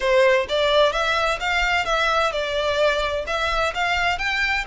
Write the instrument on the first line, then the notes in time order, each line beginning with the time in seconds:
violin
0.00 C5
0.48 D5
0.92 E5
1.40 F5
1.85 E5
2.32 D5
3.26 E5
3.74 F5
4.18 G5